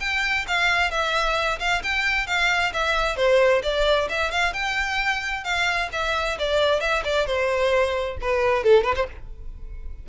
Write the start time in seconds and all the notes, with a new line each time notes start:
0.00 G5
0.48 F5
0.91 E5
1.59 F5
1.83 G5
2.27 F5
2.73 E5
3.16 C5
3.63 D5
4.09 E5
4.31 F5
4.53 G5
5.44 F5
5.92 E5
6.39 D5
6.80 E5
7.04 D5
7.26 C5
8.21 B4
8.64 A4
8.83 B4
8.95 C5